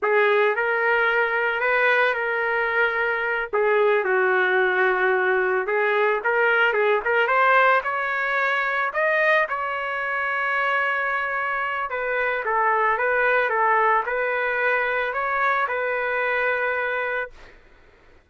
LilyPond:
\new Staff \with { instrumentName = "trumpet" } { \time 4/4 \tempo 4 = 111 gis'4 ais'2 b'4 | ais'2~ ais'8 gis'4 fis'8~ | fis'2~ fis'8 gis'4 ais'8~ | ais'8 gis'8 ais'8 c''4 cis''4.~ |
cis''8 dis''4 cis''2~ cis''8~ | cis''2 b'4 a'4 | b'4 a'4 b'2 | cis''4 b'2. | }